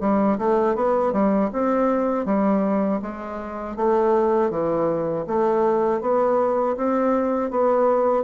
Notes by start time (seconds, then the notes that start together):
0.00 G3
0.38 A3
0.75 B3
1.12 G3
1.52 C4
2.25 G3
3.01 G#3
3.76 A3
4.50 E3
5.27 A3
6.01 B3
6.76 C4
7.50 B3